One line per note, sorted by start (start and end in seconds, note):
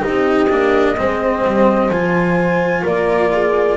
0.00 0.47 D#4
0.00 0.94 G4
0.00 1.90 D#5
0.08 0.51 C4
0.49 0.98 A#3
0.49 0.96 D4
0.96 1.45 G#3
0.96 1.90 C4
0.96 2.83 C5
1.46 1.89 G3
1.89 2.83 F3
1.89 3.77 F4
1.89 2.84 G#5
2.83 3.77 A#3
2.83 3.30 A#4
2.83 3.77 D5
3.33 3.77 G#4